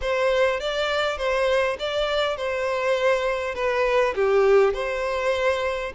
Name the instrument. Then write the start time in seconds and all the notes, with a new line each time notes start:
violin
0.01 C5
0.60 D5
1.17 C5
1.79 D5
2.36 C5
3.55 B4
4.15 G4
4.73 C5